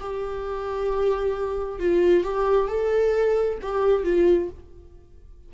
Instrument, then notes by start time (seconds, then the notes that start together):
viola
0.00 G4
1.80 F4
2.24 G4
2.68 A4
3.62 G4
4.04 F4